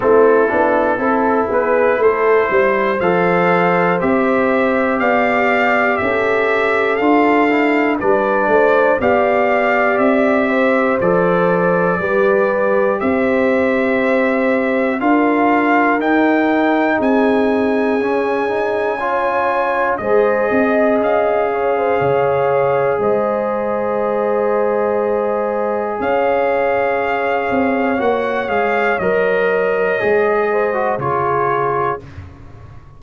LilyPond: <<
  \new Staff \with { instrumentName = "trumpet" } { \time 4/4 \tempo 4 = 60 a'4. b'8 c''4 f''4 | e''4 f''4 e''4 f''4 | d''4 f''4 e''4 d''4~ | d''4 e''2 f''4 |
g''4 gis''2. | dis''4 f''2 dis''4~ | dis''2 f''2 | fis''8 f''8 dis''2 cis''4 | }
  \new Staff \with { instrumentName = "horn" } { \time 4/4 e'4 a'8 gis'8 a'8 c''4.~ | c''4 d''4 a'2 | b'8 c''8 d''4. c''4. | b'4 c''2 ais'4~ |
ais'4 gis'2 cis''4 | c''8 dis''4 cis''16 c''16 cis''4 c''4~ | c''2 cis''2~ | cis''2~ cis''8 c''8 gis'4 | }
  \new Staff \with { instrumentName = "trombone" } { \time 4/4 c'8 d'8 e'2 a'4 | g'2. f'8 e'8 | d'4 g'2 a'4 | g'2. f'4 |
dis'2 cis'8 dis'8 f'4 | gis'1~ | gis'1 | fis'8 gis'8 ais'4 gis'8. fis'16 f'4 | }
  \new Staff \with { instrumentName = "tuba" } { \time 4/4 a8 b8 c'8 b8 a8 g8 f4 | c'4 b4 cis'4 d'4 | g8 a8 b4 c'4 f4 | g4 c'2 d'4 |
dis'4 c'4 cis'2 | gis8 c'8 cis'4 cis4 gis4~ | gis2 cis'4. c'8 | ais8 gis8 fis4 gis4 cis4 | }
>>